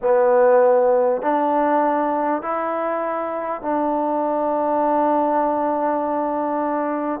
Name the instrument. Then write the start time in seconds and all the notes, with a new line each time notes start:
trombone
0.02 B3
1.22 D4
2.42 E4
3.61 D4